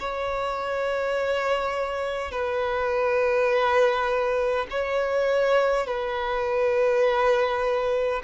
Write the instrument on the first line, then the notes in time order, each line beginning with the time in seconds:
violin
0.00 C#5
2.32 B4
4.71 C#5
5.87 B4